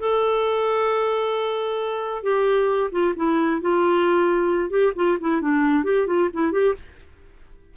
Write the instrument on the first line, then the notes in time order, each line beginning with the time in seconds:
clarinet
0.00 A4
2.23 G4
2.92 F4
3.16 E4
3.62 F4
4.70 G4
4.96 F4
5.21 E4
5.42 D4
5.84 G4
6.07 F4
6.33 E4
6.52 G4